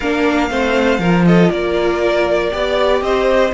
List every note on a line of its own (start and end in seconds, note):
0.00 0.50 A#3
0.00 0.49 D4
0.00 0.48 A#4
0.00 1.25 F5
0.49 0.98 A3
0.49 1.00 C4
0.49 0.99 C5
0.98 1.49 F3
0.98 2.50 F4
0.98 1.24 A#4
1.25 1.52 A4
1.25 1.51 D#5
1.50 2.51 A#3
1.50 2.52 A#4
1.50 3.02 D5
2.50 3.01 B3
2.50 3.51 G4
2.50 3.03 D5
3.01 3.51 C4
3.01 3.54 C5
3.01 3.52 D#5